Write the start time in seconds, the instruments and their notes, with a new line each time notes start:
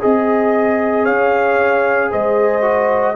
0.00 tuba C4, horn G#4, trombone G#4, trumpet D#5
1.04 tuba C#4, horn C#5, trumpet F5
2.11 tuba G#3, horn C5, trumpet D#5
2.62 trombone F#4